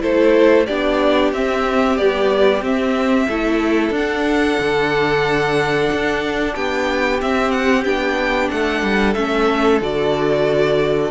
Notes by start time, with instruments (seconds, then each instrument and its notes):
0.00 cello A3, viola E4, violin A4 C5
0.66 cello B3, viola D4, violin G4 D5
1.32 cello C4, viola C4, violin E5
1.97 viola G3, cello B3, violin D5
2.61 cello C4, viola C4, violin E5
3.27 cello A3, viola E4, violin A4
3.90 cello D4, viola D4, violin F#5
4.60 cello D3
5.92 cello D4
6.55 cello B3, violin G4 G5
7.21 cello C4, viola C4, violin E5
7.51 violin F#5
7.84 cello B3, viola D4, violin G5
8.51 cello A3, violin A4 F#5
8.83 cello G3
9.14 cello A3, viola C#4, violin E5
9.81 cello D3, viola F#4, violin D5